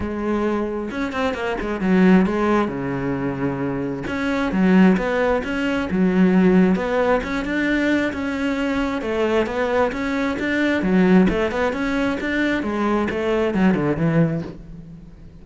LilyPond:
\new Staff \with { instrumentName = "cello" } { \time 4/4 \tempo 4 = 133 gis2 cis'8 c'8 ais8 gis8 | fis4 gis4 cis2~ | cis4 cis'4 fis4 b4 | cis'4 fis2 b4 |
cis'8 d'4. cis'2 | a4 b4 cis'4 d'4 | fis4 a8 b8 cis'4 d'4 | gis4 a4 fis8 d8 e4 | }